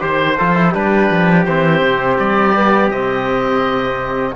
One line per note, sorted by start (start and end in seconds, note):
0.00 0.38 D#3
0.00 0.36 G4
0.00 0.71 C5
0.00 0.38 C5
0.38 0.74 F3
0.38 0.56 F4
0.38 0.74 A4
0.56 0.74 E4
0.71 1.11 G3
0.71 1.46 D4
0.71 4.33 G4
0.71 1.45 B4
1.11 1.47 F3
1.45 1.82 E3
1.45 2.55 C4
1.45 2.17 C5
1.82 2.18 C3
2.19 2.91 G3
2.19 2.91 D5
2.55 2.91 B3
2.91 4.35 C3
2.91 4.36 C4
2.91 4.35 D#5